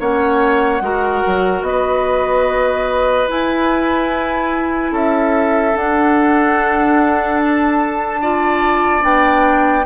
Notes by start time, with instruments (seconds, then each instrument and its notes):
0.00 bassoon A#3, clarinet C#4, oboe C#5, flute F#5
0.81 bassoon G#3, clarinet F#4, oboe A#4
1.27 bassoon F#3
1.62 bassoon B3, oboe B4, flute D#5
3.28 clarinet E4, bassoon E4, flute G#5
4.92 bassoon C#4, oboe A4, flute E5
5.74 clarinet D4, bassoon D4, flute F#5
7.42 flute A5
8.22 clarinet F4, oboe D5
9.01 bassoon B3, clarinet D4, flute G5